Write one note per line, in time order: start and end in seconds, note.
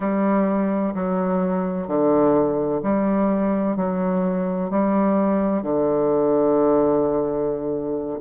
0.00 0.94 G3
0.94 1.87 F#3
1.87 2.81 D3
2.83 3.76 G3
3.76 4.70 F#3
4.70 5.62 G3
5.62 8.20 D3